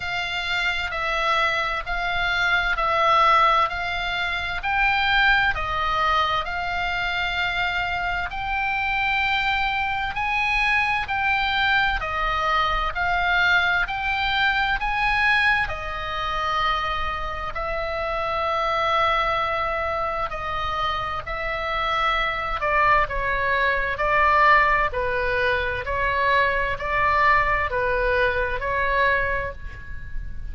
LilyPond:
\new Staff \with { instrumentName = "oboe" } { \time 4/4 \tempo 4 = 65 f''4 e''4 f''4 e''4 | f''4 g''4 dis''4 f''4~ | f''4 g''2 gis''4 | g''4 dis''4 f''4 g''4 |
gis''4 dis''2 e''4~ | e''2 dis''4 e''4~ | e''8 d''8 cis''4 d''4 b'4 | cis''4 d''4 b'4 cis''4 | }